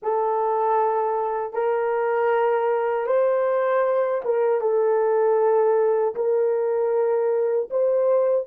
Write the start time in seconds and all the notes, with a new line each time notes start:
0.02 A4
1.53 A#4
3.06 C5
4.24 A#4
4.60 A4
6.15 A#4
7.70 C5